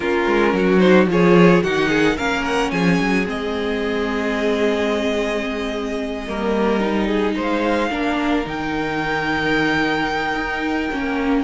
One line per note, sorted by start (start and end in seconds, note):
0.00 0.26 A#3
0.00 0.80 C#4
0.00 0.53 F4
0.00 0.78 A#4
0.26 0.53 G#3
0.53 1.06 F#3
0.53 1.09 F#4
0.78 1.07 D#4
0.78 1.05 C5
1.06 1.60 F3
1.06 1.64 F4
1.06 1.63 G#4
1.06 1.63 C#5
1.63 2.18 D#3
1.63 2.17 D#4
1.63 1.88 F#4
1.63 2.17 F#5
1.88 2.15 G#4
2.16 2.71 A#3
2.16 3.25 C#4
2.16 2.71 A#4
2.16 2.44 F5
2.44 2.71 F#5
2.71 2.99 F3
2.71 6.27 G#4
2.71 3.25 G#5
3.00 3.27 F#3
3.25 6.27 G#3
3.25 6.25 C4
3.25 7.38 D#5
6.27 7.36 G3
6.27 6.80 A#3
6.27 7.07 A#4
6.80 7.89 D#4
7.07 7.34 G#4
7.35 7.90 G#3
7.35 7.90 C5
7.41 8.47 F5
7.90 8.44 A#3
7.90 8.44 D4
7.90 11.44 A#4
8.44 10.35 D#3
8.44 10.90 D#4
8.44 11.44 G5
10.35 10.89 D#4
10.91 11.44 A#3
10.91 11.44 C#4